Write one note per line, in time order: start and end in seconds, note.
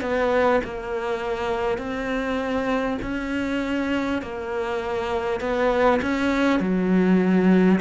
0.00 0.60 B3
0.64 1.77 A#3
1.77 2.97 C4
3.02 4.22 C#4
4.22 5.40 A#3
5.40 6.00 B3
6.02 6.59 C#4
6.59 7.79 F#3